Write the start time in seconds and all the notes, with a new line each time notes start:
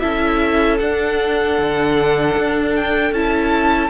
0.00 C#4 E4 A4 E5
0.79 D4 F#5
1.59 D3
2.38 D4
2.76 G5
3.12 C#4 E4 A5